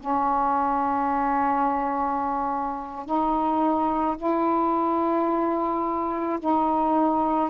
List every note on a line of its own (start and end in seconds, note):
0.00 3.06 C#4
3.06 4.17 D#4
4.17 6.39 E4
6.40 7.51 D#4